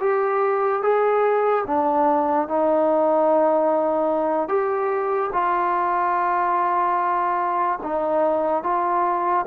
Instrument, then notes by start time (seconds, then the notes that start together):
trombone
0.00 G4
0.82 G#4
1.67 D4
2.48 D#4
4.48 G4
5.33 F4
7.83 D#4
8.63 F4